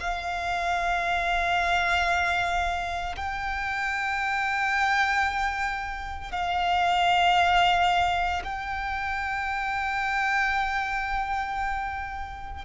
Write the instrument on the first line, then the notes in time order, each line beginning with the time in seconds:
violin
0.00 F5
3.16 G5
6.32 F5
8.44 G5